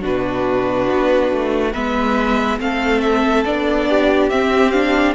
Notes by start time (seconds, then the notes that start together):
0.00 B2 D4 F#4 B4
0.90 B3
1.32 A3
1.72 G#3 B3 B4 E5
2.59 A3 C4 A4 F5
3.00 E5
3.44 B3 D4 D5
3.89 G4
4.29 C4 E5
4.71 D4 F5